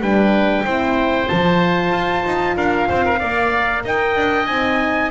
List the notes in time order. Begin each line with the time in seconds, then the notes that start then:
0.00 G3 D4 B4 G5
0.64 C4 E4 C5
1.26 F3 F4 A5
1.92 F4
2.25 D#4
2.56 D4 A#4 F5
2.88 C4 C5
3.05 A#4
3.19 A#3 A#4 D5
3.84 D#4 D#5 G5
4.16 D4
4.46 C4 D#4 G#5